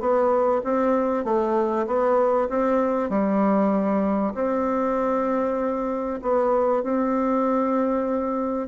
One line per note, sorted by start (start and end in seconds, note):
0.00 0.62 B3
0.64 1.25 C4
1.25 1.87 A3
1.87 2.49 B3
2.49 3.10 C4
3.10 4.34 G3
4.34 6.20 C4
6.22 6.83 B3
6.83 8.68 C4